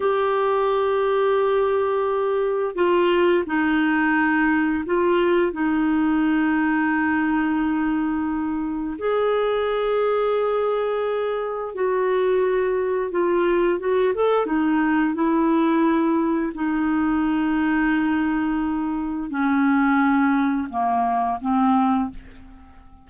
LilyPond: \new Staff \with { instrumentName = "clarinet" } { \time 4/4 \tempo 4 = 87 g'1 | f'4 dis'2 f'4 | dis'1~ | dis'4 gis'2.~ |
gis'4 fis'2 f'4 | fis'8 a'8 dis'4 e'2 | dis'1 | cis'2 ais4 c'4 | }